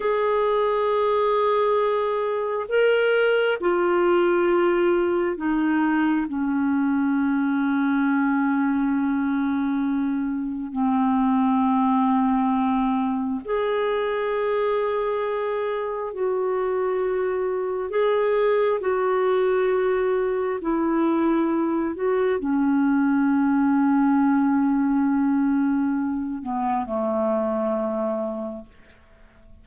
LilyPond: \new Staff \with { instrumentName = "clarinet" } { \time 4/4 \tempo 4 = 67 gis'2. ais'4 | f'2 dis'4 cis'4~ | cis'1 | c'2. gis'4~ |
gis'2 fis'2 | gis'4 fis'2 e'4~ | e'8 fis'8 cis'2.~ | cis'4. b8 a2 | }